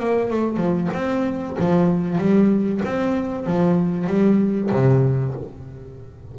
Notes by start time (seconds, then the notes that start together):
0.00 A#3
0.31 A3
0.57 F3
0.94 C4
1.59 F3
2.18 G3
2.85 C4
3.47 F3
4.07 G3
4.72 C3